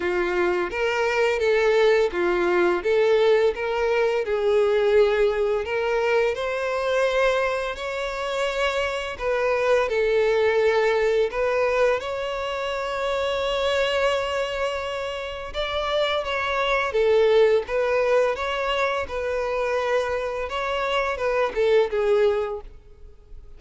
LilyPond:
\new Staff \with { instrumentName = "violin" } { \time 4/4 \tempo 4 = 85 f'4 ais'4 a'4 f'4 | a'4 ais'4 gis'2 | ais'4 c''2 cis''4~ | cis''4 b'4 a'2 |
b'4 cis''2.~ | cis''2 d''4 cis''4 | a'4 b'4 cis''4 b'4~ | b'4 cis''4 b'8 a'8 gis'4 | }